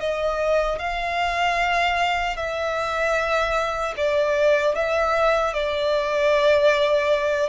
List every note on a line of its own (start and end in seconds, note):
0.00 0.79 D#5
0.79 2.36 F5
2.36 3.94 E5
3.97 4.75 D5
4.75 5.54 E5
5.54 7.49 D5